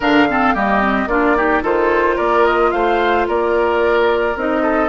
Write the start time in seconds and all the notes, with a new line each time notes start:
0.00 D3 D4 A#4 F5
0.29 C4 A4
0.54 G3 A#3 G4 D#5
0.80 C4
1.06 A#3 D4 F4 D5
1.36 D#4 G4
1.62 D#3 F4 A4 C5
2.15 A#3 A#4 D5
2.44 D#5
2.71 A3 C5 F5
3.27 A#3 A#4 D5
4.35 C4 D#4 D#5
4.62 A4